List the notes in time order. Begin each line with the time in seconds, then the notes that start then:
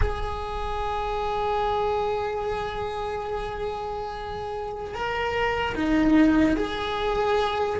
0.01 G#4
4.94 A#4
5.75 D#4
6.56 G#4